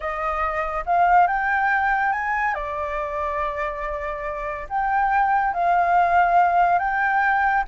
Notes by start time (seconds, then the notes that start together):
0.00 D#5
0.85 F5
1.27 G5
2.12 G#5
2.54 D5
4.69 G5
5.53 F5
6.79 G5